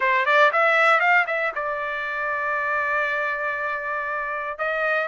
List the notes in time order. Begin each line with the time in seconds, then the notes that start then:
0.00 C5
0.25 D5
0.52 E5
0.99 F5
1.26 E5
1.55 D5
4.58 D#5